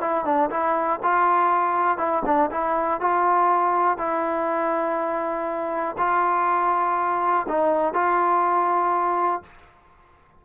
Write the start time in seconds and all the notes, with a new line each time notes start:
0.00 E4
0.25 D4
0.50 E4
1.02 F4
1.97 E4
2.25 D4
2.50 E4
3.00 F4
3.97 E4
5.97 F4
7.48 D#4
7.94 F4